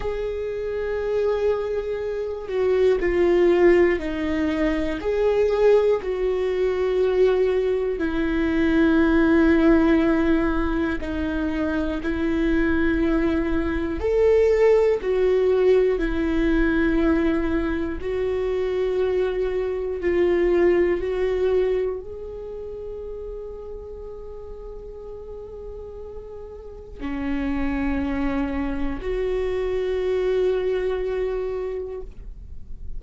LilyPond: \new Staff \with { instrumentName = "viola" } { \time 4/4 \tempo 4 = 60 gis'2~ gis'8 fis'8 f'4 | dis'4 gis'4 fis'2 | e'2. dis'4 | e'2 a'4 fis'4 |
e'2 fis'2 | f'4 fis'4 gis'2~ | gis'2. cis'4~ | cis'4 fis'2. | }